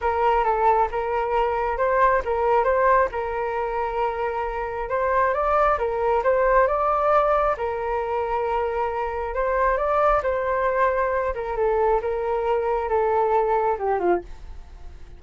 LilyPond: \new Staff \with { instrumentName = "flute" } { \time 4/4 \tempo 4 = 135 ais'4 a'4 ais'2 | c''4 ais'4 c''4 ais'4~ | ais'2. c''4 | d''4 ais'4 c''4 d''4~ |
d''4 ais'2.~ | ais'4 c''4 d''4 c''4~ | c''4. ais'8 a'4 ais'4~ | ais'4 a'2 g'8 f'8 | }